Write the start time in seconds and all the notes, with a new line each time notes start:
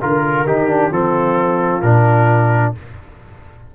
0.00 D3 F4 A#4
0.46 D#3 D#4 G4
0.68 D4
0.90 F3 C4 F4 A4
1.81 A#2 D4 A#4